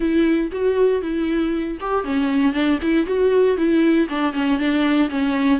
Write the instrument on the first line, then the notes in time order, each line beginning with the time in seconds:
viola
0.00 E4
0.51 F#4
1.01 E4
1.80 G4
2.04 C#4
2.53 D4
2.82 E4
3.06 F#4
3.57 E4
4.09 D4
4.33 C#4
4.58 D4
5.09 C#4